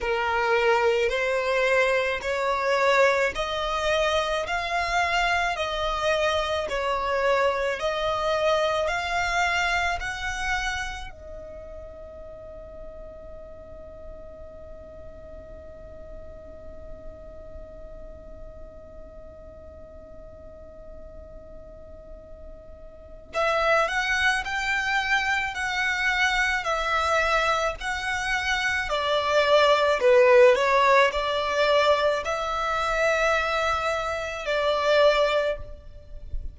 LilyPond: \new Staff \with { instrumentName = "violin" } { \time 4/4 \tempo 4 = 54 ais'4 c''4 cis''4 dis''4 | f''4 dis''4 cis''4 dis''4 | f''4 fis''4 dis''2~ | dis''1~ |
dis''1~ | dis''4 e''8 fis''8 g''4 fis''4 | e''4 fis''4 d''4 b'8 cis''8 | d''4 e''2 d''4 | }